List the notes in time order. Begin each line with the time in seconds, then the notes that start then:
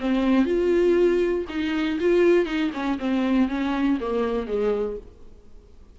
0.00 C4
0.45 F4
1.49 D#4
2.00 F4
2.46 D#4
2.73 C#4
2.99 C4
3.48 C#4
4.00 A#3
4.47 G#3